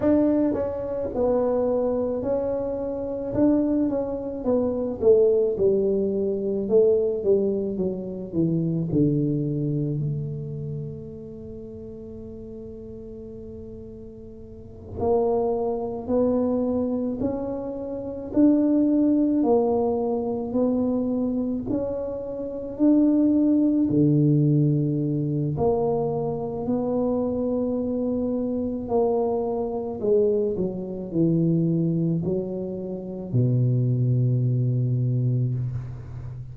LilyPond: \new Staff \with { instrumentName = "tuba" } { \time 4/4 \tempo 4 = 54 d'8 cis'8 b4 cis'4 d'8 cis'8 | b8 a8 g4 a8 g8 fis8 e8 | d4 a2.~ | a4. ais4 b4 cis'8~ |
cis'8 d'4 ais4 b4 cis'8~ | cis'8 d'4 d4. ais4 | b2 ais4 gis8 fis8 | e4 fis4 b,2 | }